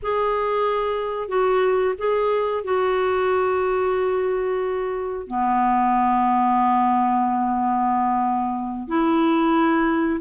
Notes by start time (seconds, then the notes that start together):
0.02 G#4
1.28 F#4
1.98 G#4
2.64 F#4
5.27 B3
8.88 E4